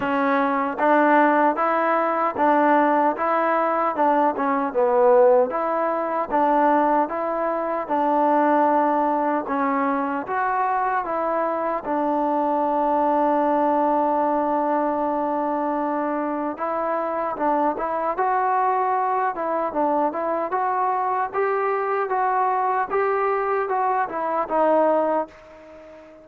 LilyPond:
\new Staff \with { instrumentName = "trombone" } { \time 4/4 \tempo 4 = 76 cis'4 d'4 e'4 d'4 | e'4 d'8 cis'8 b4 e'4 | d'4 e'4 d'2 | cis'4 fis'4 e'4 d'4~ |
d'1~ | d'4 e'4 d'8 e'8 fis'4~ | fis'8 e'8 d'8 e'8 fis'4 g'4 | fis'4 g'4 fis'8 e'8 dis'4 | }